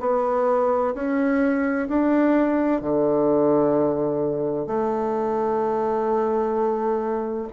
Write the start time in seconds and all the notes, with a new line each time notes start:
0.00 B3
0.94 C#4
1.88 D4
2.81 D3
4.67 A3